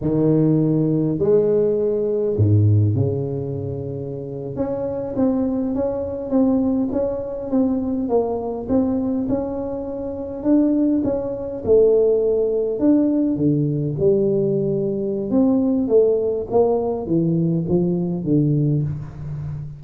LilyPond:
\new Staff \with { instrumentName = "tuba" } { \time 4/4 \tempo 4 = 102 dis2 gis2 | gis,4 cis2~ cis8. cis'16~ | cis'8. c'4 cis'4 c'4 cis'16~ | cis'8. c'4 ais4 c'4 cis'16~ |
cis'4.~ cis'16 d'4 cis'4 a16~ | a4.~ a16 d'4 d4 g16~ | g2 c'4 a4 | ais4 e4 f4 d4 | }